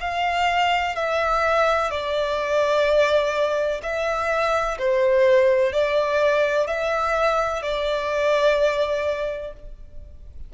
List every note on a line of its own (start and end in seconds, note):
0.00 0.95 F5
0.95 1.90 E5
1.90 3.81 D5
3.82 4.77 E5
4.78 5.72 C5
5.72 6.67 D5
6.67 7.62 E5
7.62 9.53 D5